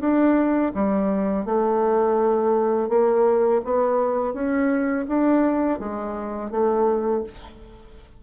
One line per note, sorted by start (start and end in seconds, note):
0.00 0.72 D4
0.74 1.45 G3
1.45 2.89 A3
2.89 3.61 A#3
3.64 4.33 B3
4.33 5.06 C#4
5.08 5.79 D4
5.79 6.51 G#3
6.51 7.23 A3